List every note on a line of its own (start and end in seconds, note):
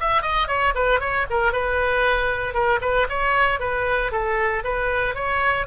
0.00 0.22 E5
0.22 0.48 D#5
0.48 0.74 C#5
0.75 1.00 B4
1.00 1.26 C#5
1.30 1.53 A#4
1.53 2.54 B4
2.54 2.80 A#4
2.81 3.07 B4
3.09 3.60 C#5
3.60 4.12 B4
4.12 4.63 A4
4.64 5.15 B4
5.15 5.67 C#5